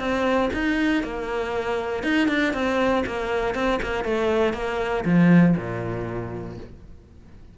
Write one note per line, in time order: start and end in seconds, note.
0.00 0.50 C4
0.54 1.04 D#4
1.04 2.04 A#3
2.04 2.29 D#4
2.29 2.54 D4
2.54 3.04 C4
3.07 3.55 A#3
3.55 3.80 C4
3.83 4.05 A#3
4.05 4.54 A3
4.54 5.04 A#3
5.05 5.56 F3
5.57 6.58 A#2